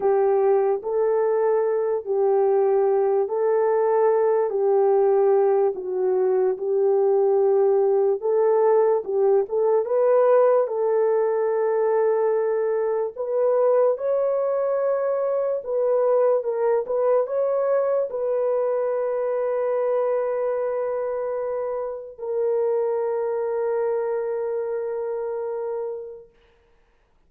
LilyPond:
\new Staff \with { instrumentName = "horn" } { \time 4/4 \tempo 4 = 73 g'4 a'4. g'4. | a'4. g'4. fis'4 | g'2 a'4 g'8 a'8 | b'4 a'2. |
b'4 cis''2 b'4 | ais'8 b'8 cis''4 b'2~ | b'2. ais'4~ | ais'1 | }